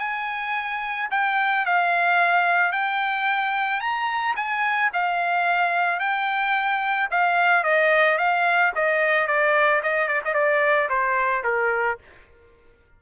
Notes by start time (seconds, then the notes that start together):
0.00 G#5
1.11 G5
1.66 F5
2.72 G5
3.81 A#5
4.36 G#5
4.93 F5
6.00 G5
7.11 F5
7.64 D#5
8.18 F5
8.75 D#5
9.27 D5
9.83 D#5
10.08 D5
10.25 D#5
10.34 D5
10.89 C5
11.44 A#4